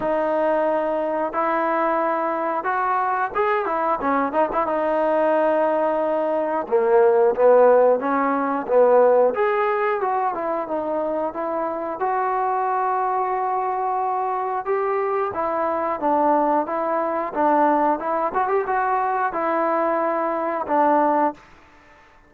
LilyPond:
\new Staff \with { instrumentName = "trombone" } { \time 4/4 \tempo 4 = 90 dis'2 e'2 | fis'4 gis'8 e'8 cis'8 dis'16 e'16 dis'4~ | dis'2 ais4 b4 | cis'4 b4 gis'4 fis'8 e'8 |
dis'4 e'4 fis'2~ | fis'2 g'4 e'4 | d'4 e'4 d'4 e'8 fis'16 g'16 | fis'4 e'2 d'4 | }